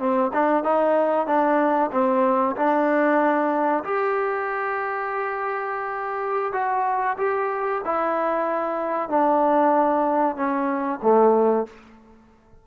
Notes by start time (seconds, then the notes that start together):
0.00 C4
0.34 D4
0.64 D#4
1.27 D4
1.92 C4
2.56 D4
3.85 G4
6.53 F#4
7.18 G4
7.85 E4
9.10 D4
10.36 C#4
11.03 A3